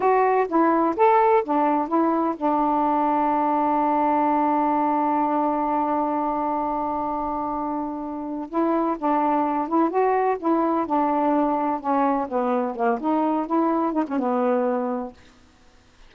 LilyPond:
\new Staff \with { instrumentName = "saxophone" } { \time 4/4 \tempo 4 = 127 fis'4 e'4 a'4 d'4 | e'4 d'2.~ | d'1~ | d'1~ |
d'2 e'4 d'4~ | d'8 e'8 fis'4 e'4 d'4~ | d'4 cis'4 b4 ais8 dis'8~ | dis'8 e'4 dis'16 cis'16 b2 | }